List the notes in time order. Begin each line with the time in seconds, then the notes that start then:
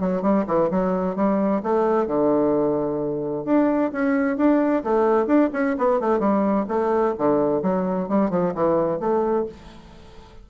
0.00 F#3
0.22 G3
0.47 E3
0.70 F#3
1.15 G3
1.63 A3
2.07 D3
3.45 D4
3.92 C#4
4.37 D4
4.83 A3
5.26 D4
5.53 C#4
5.78 B3
6.00 A3
6.19 G3
6.68 A3
7.18 D3
7.62 F#3
8.09 G3
8.30 F3
8.54 E3
9.00 A3